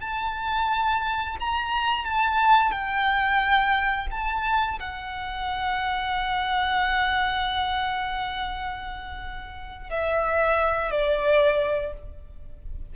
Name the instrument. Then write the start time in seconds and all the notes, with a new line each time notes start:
violin
0.00 A5
1.40 A#5
2.05 A5
2.71 G5
4.11 A5
4.79 F#5
9.90 E5
10.91 D5